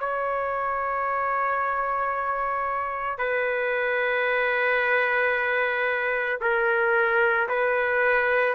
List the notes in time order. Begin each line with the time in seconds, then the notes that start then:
0.00 C#5
3.18 B4
6.41 A#4
7.49 B4